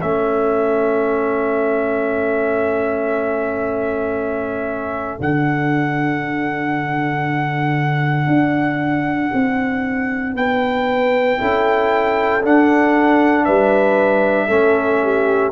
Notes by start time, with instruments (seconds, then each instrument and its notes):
0.00 tuba A3, trombone C#4, horn A4, trumpet E5
5.18 tuba D3, trombone D4, trumpet F#5
8.27 tuba D4
9.33 tuba C4
10.34 tuba B3, horn B4, trumpet G5
11.38 tuba C#4, trombone E4, horn A4
12.42 trombone D4, tuba D4, trumpet F#5
13.44 tuba G3, horn B4, trumpet E5
14.47 tuba A3, trombone C#4, horn A4
15.03 horn G4